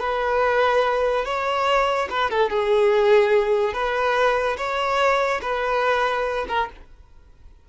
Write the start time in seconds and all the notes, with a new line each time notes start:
0.00 B4
1.25 C#5
2.10 B4
2.30 A4
2.50 G#4
3.73 B4
4.57 C#5
5.42 B4
6.48 A#4